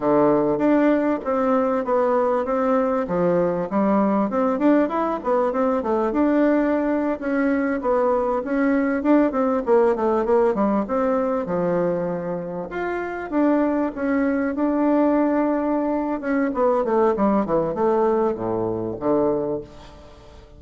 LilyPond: \new Staff \with { instrumentName = "bassoon" } { \time 4/4 \tempo 4 = 98 d4 d'4 c'4 b4 | c'4 f4 g4 c'8 d'8 | e'8 b8 c'8 a8 d'4.~ d'16 cis'16~ | cis'8. b4 cis'4 d'8 c'8 ais16~ |
ais16 a8 ais8 g8 c'4 f4~ f16~ | f8. f'4 d'4 cis'4 d'16~ | d'2~ d'8 cis'8 b8 a8 | g8 e8 a4 a,4 d4 | }